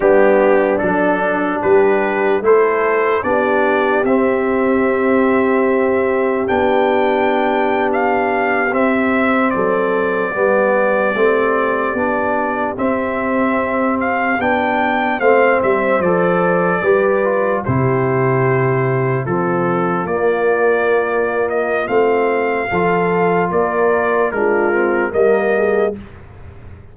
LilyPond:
<<
  \new Staff \with { instrumentName = "trumpet" } { \time 4/4 \tempo 4 = 74 g'4 a'4 b'4 c''4 | d''4 e''2. | g''4.~ g''16 f''4 e''4 d''16~ | d''2.~ d''8. e''16~ |
e''4~ e''16 f''8 g''4 f''8 e''8 d''16~ | d''4.~ d''16 c''2 a'16~ | a'8. d''4.~ d''16 dis''8 f''4~ | f''4 d''4 ais'4 dis''4 | }
  \new Staff \with { instrumentName = "horn" } { \time 4/4 d'2 g'4 a'4 | g'1~ | g'2.~ g'8. a'16~ | a'8. g'2.~ g'16~ |
g'2~ g'8. c''4~ c''16~ | c''8. b'4 g'2 f'16~ | f'1 | a'4 ais'4 f'4 ais'8 gis'8 | }
  \new Staff \with { instrumentName = "trombone" } { \time 4/4 b4 d'2 e'4 | d'4 c'2. | d'2~ d'8. c'4~ c'16~ | c'8. b4 c'4 d'4 c'16~ |
c'4.~ c'16 d'4 c'4 a'16~ | a'8. g'8 f'8 e'2 c'16~ | c'8. ais2~ ais16 c'4 | f'2 d'8 c'8 ais4 | }
  \new Staff \with { instrumentName = "tuba" } { \time 4/4 g4 fis4 g4 a4 | b4 c'2. | b2~ b8. c'4 fis16~ | fis8. g4 a4 b4 c'16~ |
c'4.~ c'16 b4 a8 g8 f16~ | f8. g4 c2 f16~ | f8. ais2~ ais16 a4 | f4 ais4 gis4 g4 | }
>>